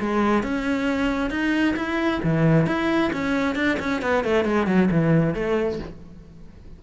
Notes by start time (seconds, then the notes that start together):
0.00 G#3
0.43 C#4
1.30 D#4
1.76 E4
2.23 E3
2.67 E4
3.13 C#4
3.56 D4
3.80 C#4
4.02 B3
4.24 A3
4.45 G#3
4.67 F#3
4.91 E3
5.34 A3